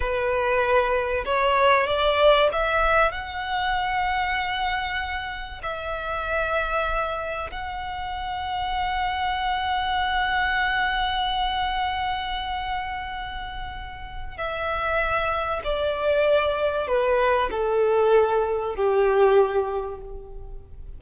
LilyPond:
\new Staff \with { instrumentName = "violin" } { \time 4/4 \tempo 4 = 96 b'2 cis''4 d''4 | e''4 fis''2.~ | fis''4 e''2. | fis''1~ |
fis''1~ | fis''2. e''4~ | e''4 d''2 b'4 | a'2 g'2 | }